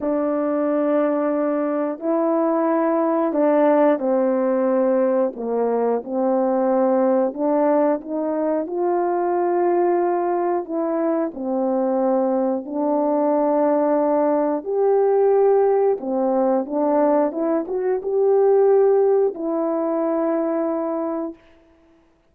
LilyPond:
\new Staff \with { instrumentName = "horn" } { \time 4/4 \tempo 4 = 90 d'2. e'4~ | e'4 d'4 c'2 | ais4 c'2 d'4 | dis'4 f'2. |
e'4 c'2 d'4~ | d'2 g'2 | c'4 d'4 e'8 fis'8 g'4~ | g'4 e'2. | }